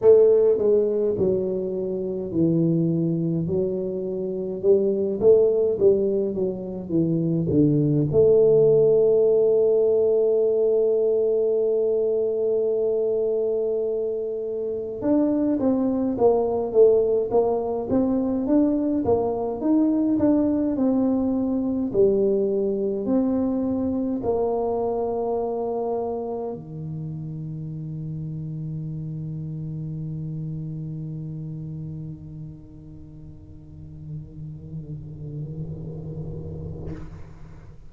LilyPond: \new Staff \with { instrumentName = "tuba" } { \time 4/4 \tempo 4 = 52 a8 gis8 fis4 e4 fis4 | g8 a8 g8 fis8 e8 d8 a4~ | a1~ | a4 d'8 c'8 ais8 a8 ais8 c'8 |
d'8 ais8 dis'8 d'8 c'4 g4 | c'4 ais2 dis4~ | dis1~ | dis1 | }